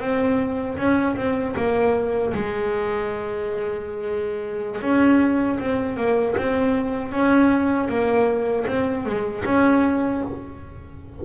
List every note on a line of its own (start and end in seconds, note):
0.00 0.77 C4
0.77 1.16 C#4
1.16 1.55 C4
1.56 2.33 A#3
2.34 4.81 G#3
4.81 5.58 C#4
5.59 5.97 C4
5.97 6.35 A#3
6.37 7.12 C4
7.12 7.88 C#4
7.89 8.66 A#3
8.67 9.05 C4
9.05 9.44 G#3
9.45 10.22 C#4